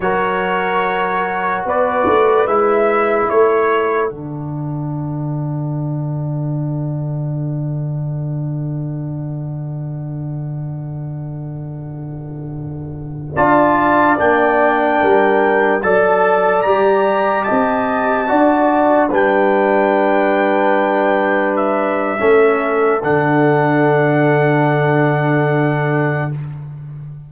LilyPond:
<<
  \new Staff \with { instrumentName = "trumpet" } { \time 4/4 \tempo 4 = 73 cis''2 d''4 e''4 | cis''4 fis''2.~ | fis''1~ | fis''1~ |
fis''16 a''4 g''2 a''8.~ | a''16 ais''4 a''2 g''8.~ | g''2~ g''16 e''4.~ e''16 | fis''1 | }
  \new Staff \with { instrumentName = "horn" } { \time 4/4 ais'2 b'2 | a'1~ | a'1~ | a'1~ |
a'16 d''2 ais'4 d''8.~ | d''4~ d''16 dis''4 d''4 b'8.~ | b'2. a'4~ | a'1 | }
  \new Staff \with { instrumentName = "trombone" } { \time 4/4 fis'2. e'4~ | e'4 d'2.~ | d'1~ | d'1~ |
d'16 f'4 d'2 a'8.~ | a'16 g'2 fis'4 d'8.~ | d'2. cis'4 | d'1 | }
  \new Staff \with { instrumentName = "tuba" } { \time 4/4 fis2 b8 a8 gis4 | a4 d2.~ | d1~ | d1~ |
d16 d'4 ais4 g4 fis8.~ | fis16 g4 c'4 d'4 g8.~ | g2. a4 | d1 | }
>>